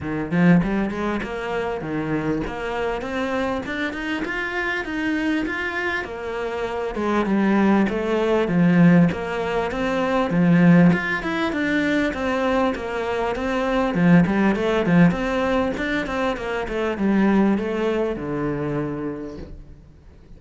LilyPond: \new Staff \with { instrumentName = "cello" } { \time 4/4 \tempo 4 = 99 dis8 f8 g8 gis8 ais4 dis4 | ais4 c'4 d'8 dis'8 f'4 | dis'4 f'4 ais4. gis8 | g4 a4 f4 ais4 |
c'4 f4 f'8 e'8 d'4 | c'4 ais4 c'4 f8 g8 | a8 f8 c'4 d'8 c'8 ais8 a8 | g4 a4 d2 | }